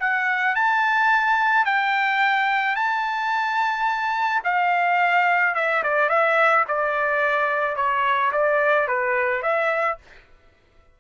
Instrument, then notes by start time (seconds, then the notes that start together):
trumpet
0.00 F#5
0.55 A5
1.65 G5
2.76 A5
4.44 F5
5.55 E5
5.83 D5
6.09 E5
6.68 D5
7.76 C#5
8.32 D5
8.88 B4
9.42 E5